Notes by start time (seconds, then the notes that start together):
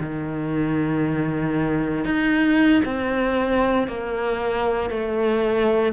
0.00 D#3
2.05 D#4
2.85 C4
3.87 A#3
4.90 A3